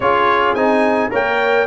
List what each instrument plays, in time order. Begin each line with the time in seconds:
0.00 tuba C#4, trombone F4, horn G#4, trumpet C#5
0.54 tuba C4, trombone D#4, trumpet G#5
1.10 tuba A#3, trombone A#4, horn C#5, trumpet G5